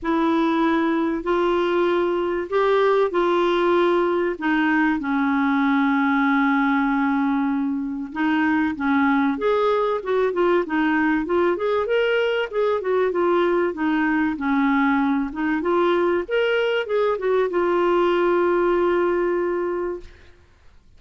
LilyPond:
\new Staff \with { instrumentName = "clarinet" } { \time 4/4 \tempo 4 = 96 e'2 f'2 | g'4 f'2 dis'4 | cis'1~ | cis'4 dis'4 cis'4 gis'4 |
fis'8 f'8 dis'4 f'8 gis'8 ais'4 | gis'8 fis'8 f'4 dis'4 cis'4~ | cis'8 dis'8 f'4 ais'4 gis'8 fis'8 | f'1 | }